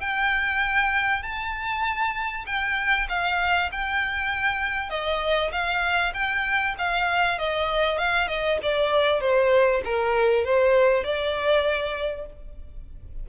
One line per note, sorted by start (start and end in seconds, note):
0.00 1.22 G5
1.22 2.45 A5
2.46 3.07 G5
3.09 3.70 F5
3.71 4.89 G5
4.89 5.50 D#5
5.52 6.13 F5
6.13 6.75 G5
6.78 7.38 F5
7.38 7.98 D#5
7.98 8.27 F5
8.27 8.58 D#5
8.62 9.20 D5
9.20 9.81 C5
9.84 10.44 A#4
10.44 11.03 C5
11.03 12.26 D5